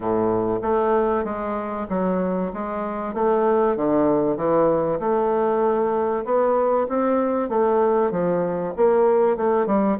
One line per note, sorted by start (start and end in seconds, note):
0.00 0.59 A2
0.62 1.24 A3
1.24 1.87 G#3
1.89 2.51 F#3
2.53 3.14 G#3
3.14 3.76 A3
3.76 4.36 D3
4.36 4.99 E3
4.99 6.24 A3
6.24 6.87 B3
6.88 7.49 C4
7.49 8.11 A3
8.11 8.73 F3
8.76 9.36 A#3
9.36 9.66 A3
9.66 9.97 G3